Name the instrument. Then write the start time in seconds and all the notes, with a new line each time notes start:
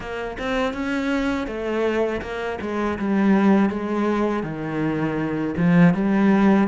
cello
0.00 A#3
0.38 C4
0.73 C#4
1.46 A3
2.21 A#3
2.61 G#3
2.98 G3
3.69 G#3
4.43 D#3
5.57 F3
5.94 G3